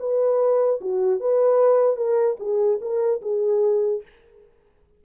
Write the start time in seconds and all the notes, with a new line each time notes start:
0.00 B4
0.81 F#4
1.20 B4
1.97 A#4
2.40 G#4
2.82 A#4
3.22 G#4